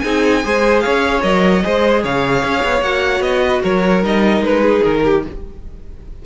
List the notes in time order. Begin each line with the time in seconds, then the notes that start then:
0.00 C4 D#4 G#4 G#5
0.44 G#3 G#4 C5
0.81 C#4 C#5 F5
1.23 F#3 A#4 D#5
1.63 G#3 G#4 C5
2.04 C#3 C#5 F5
2.44 C#4
2.64 B3
2.82 A#3 F#4 F#5
3.21 B3 D#5
3.44 B4
3.63 F#3 A#4 C#5
4.04 G3 D#4 D#5
4.41 G#3 B4
4.61 G#4
4.83 D#3 A#4
5.04 G4